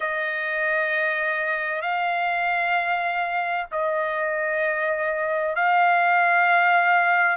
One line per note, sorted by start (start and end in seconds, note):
0.00 1.81 D#5
1.81 3.66 F5
3.71 5.56 D#5
5.56 7.36 F5